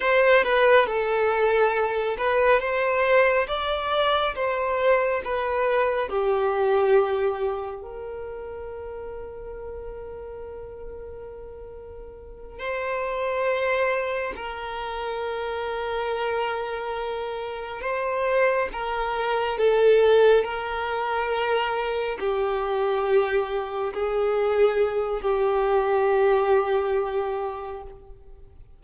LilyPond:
\new Staff \with { instrumentName = "violin" } { \time 4/4 \tempo 4 = 69 c''8 b'8 a'4. b'8 c''4 | d''4 c''4 b'4 g'4~ | g'4 ais'2.~ | ais'2~ ais'8 c''4.~ |
c''8 ais'2.~ ais'8~ | ais'8 c''4 ais'4 a'4 ais'8~ | ais'4. g'2 gis'8~ | gis'4 g'2. | }